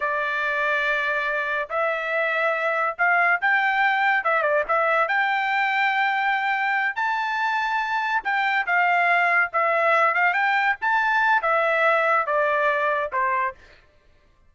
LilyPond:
\new Staff \with { instrumentName = "trumpet" } { \time 4/4 \tempo 4 = 142 d''1 | e''2. f''4 | g''2 e''8 d''8 e''4 | g''1~ |
g''8 a''2. g''8~ | g''8 f''2 e''4. | f''8 g''4 a''4. e''4~ | e''4 d''2 c''4 | }